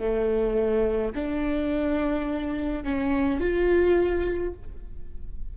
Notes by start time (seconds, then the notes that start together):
0.00 A3
1.15 D4
2.85 C#4
3.41 F4